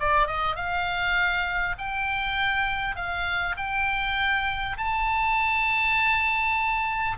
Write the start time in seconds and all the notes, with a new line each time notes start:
0.00 D5
0.27 D#5
0.56 F5
1.79 G5
2.96 F5
3.57 G5
4.78 A5